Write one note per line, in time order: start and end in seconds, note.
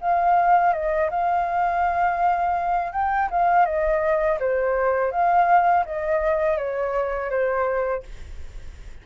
0.00 0.73 F5
0.73 1.09 D#5
1.10 2.92 F5
2.92 3.29 G5
3.30 3.65 F5
3.65 4.38 D#5
4.39 5.11 C5
5.11 5.84 F5
5.85 6.57 D#5
6.57 7.30 C#5
7.30 8.03 C5